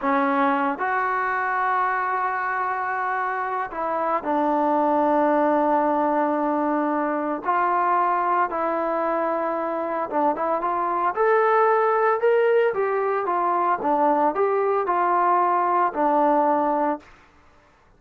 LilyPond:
\new Staff \with { instrumentName = "trombone" } { \time 4/4 \tempo 4 = 113 cis'4. fis'2~ fis'8~ | fis'2. e'4 | d'1~ | d'2 f'2 |
e'2. d'8 e'8 | f'4 a'2 ais'4 | g'4 f'4 d'4 g'4 | f'2 d'2 | }